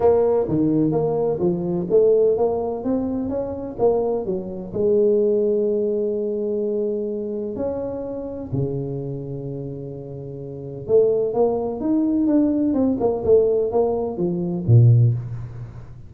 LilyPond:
\new Staff \with { instrumentName = "tuba" } { \time 4/4 \tempo 4 = 127 ais4 dis4 ais4 f4 | a4 ais4 c'4 cis'4 | ais4 fis4 gis2~ | gis1 |
cis'2 cis2~ | cis2. a4 | ais4 dis'4 d'4 c'8 ais8 | a4 ais4 f4 ais,4 | }